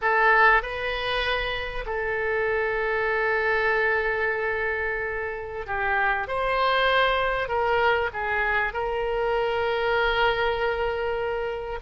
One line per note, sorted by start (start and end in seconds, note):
0.01 0.62 A4
0.62 1.85 B4
1.85 5.66 A4
5.66 6.27 G4
6.27 7.48 C5
7.48 8.09 A#4
8.13 8.73 G#4
8.73 11.79 A#4